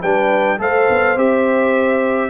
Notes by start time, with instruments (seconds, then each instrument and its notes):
0.00 tuba G3, trombone D4, horn B4, trumpet G5
0.59 tuba A3, trombone A4, horn C5, trumpet F5
0.89 tuba B3
1.16 tuba C4, trombone G4, trumpet E5